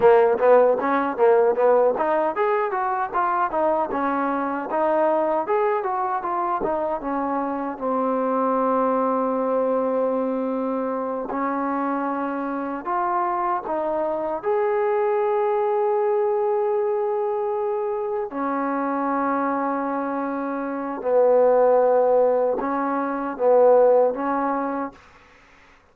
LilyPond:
\new Staff \with { instrumentName = "trombone" } { \time 4/4 \tempo 4 = 77 ais8 b8 cis'8 ais8 b8 dis'8 gis'8 fis'8 | f'8 dis'8 cis'4 dis'4 gis'8 fis'8 | f'8 dis'8 cis'4 c'2~ | c'2~ c'8 cis'4.~ |
cis'8 f'4 dis'4 gis'4.~ | gis'2.~ gis'8 cis'8~ | cis'2. b4~ | b4 cis'4 b4 cis'4 | }